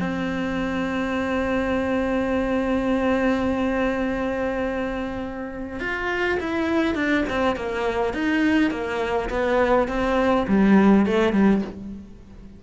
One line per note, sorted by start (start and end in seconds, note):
0.00 5.80 C4
5.80 6.38 F4
6.40 6.95 E4
6.95 7.24 D4
7.29 7.56 C4
7.56 8.13 A#3
8.13 8.71 D#4
8.71 9.29 A#3
9.29 9.88 B3
9.88 10.46 C4
10.48 11.06 G3
11.06 11.32 A3
11.32 11.62 G3